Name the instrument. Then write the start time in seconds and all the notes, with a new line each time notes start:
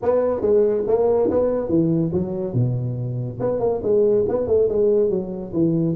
tuba
0.02 B3
0.41 G#3
0.87 A#3
1.30 B3
1.68 E3
2.12 F#3
2.53 B2
3.39 B3
3.59 A#3
3.82 G#3
4.28 B3
4.47 A3
4.68 G#3
5.09 F#3
5.53 E3